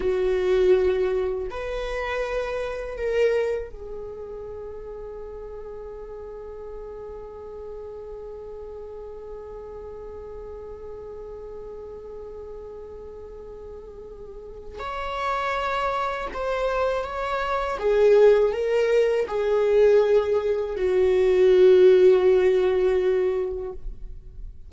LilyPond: \new Staff \with { instrumentName = "viola" } { \time 4/4 \tempo 4 = 81 fis'2 b'2 | ais'4 gis'2.~ | gis'1~ | gis'1~ |
gis'1 | cis''2 c''4 cis''4 | gis'4 ais'4 gis'2 | fis'1 | }